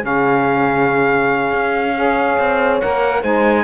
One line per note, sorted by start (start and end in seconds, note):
0.00 1.52 C#3
0.00 1.91 C#4
0.00 1.96 G#4
0.00 2.80 F5
1.52 2.38 C#4
1.97 2.81 G#4
1.97 3.20 C#5
2.38 2.81 C4
2.80 3.23 A#3
2.80 3.23 A#4
2.80 3.23 F#5
3.20 3.64 G#3
3.20 3.64 D#4
3.20 3.63 C5
3.20 3.64 G#5